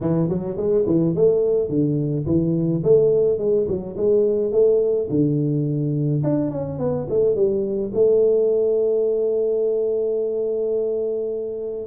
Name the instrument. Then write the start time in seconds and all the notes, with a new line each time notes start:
tuba
0.00 E3
0.29 F#3
0.57 G#3
0.86 E3
1.14 A3
1.69 D3
2.26 E3
2.83 A3
3.38 G#3
3.68 F#3
3.96 G#3
4.52 A3
5.09 D3
6.23 D4
6.50 C#4
6.78 B3
7.09 A3
7.35 G3
7.93 A3